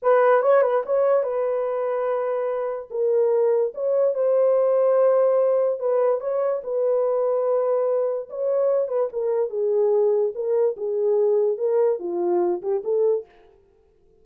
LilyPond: \new Staff \with { instrumentName = "horn" } { \time 4/4 \tempo 4 = 145 b'4 cis''8 b'8 cis''4 b'4~ | b'2. ais'4~ | ais'4 cis''4 c''2~ | c''2 b'4 cis''4 |
b'1 | cis''4. b'8 ais'4 gis'4~ | gis'4 ais'4 gis'2 | ais'4 f'4. g'8 a'4 | }